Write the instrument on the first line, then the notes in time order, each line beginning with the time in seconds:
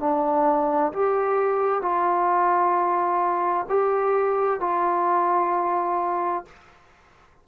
trombone
0.00 D4
0.93 G4
1.82 F4
3.69 G4
4.60 F4